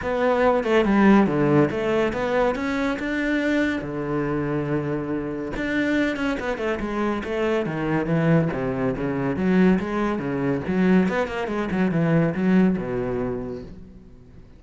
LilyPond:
\new Staff \with { instrumentName = "cello" } { \time 4/4 \tempo 4 = 141 b4. a8 g4 d4 | a4 b4 cis'4 d'4~ | d'4 d2.~ | d4 d'4. cis'8 b8 a8 |
gis4 a4 dis4 e4 | c4 cis4 fis4 gis4 | cis4 fis4 b8 ais8 gis8 fis8 | e4 fis4 b,2 | }